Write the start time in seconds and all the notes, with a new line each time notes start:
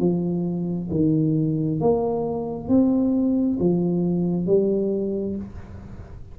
0.00 F3
0.91 D#3
1.81 A#3
2.69 C4
3.60 F3
4.47 G3